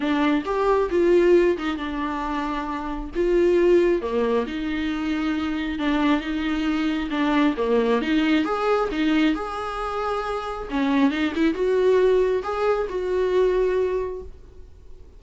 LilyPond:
\new Staff \with { instrumentName = "viola" } { \time 4/4 \tempo 4 = 135 d'4 g'4 f'4. dis'8 | d'2. f'4~ | f'4 ais4 dis'2~ | dis'4 d'4 dis'2 |
d'4 ais4 dis'4 gis'4 | dis'4 gis'2. | cis'4 dis'8 e'8 fis'2 | gis'4 fis'2. | }